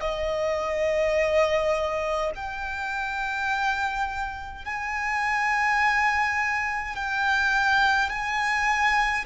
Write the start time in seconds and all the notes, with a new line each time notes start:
0.00 D#5
2.35 G5
4.65 G#5
6.95 G5
8.10 G#5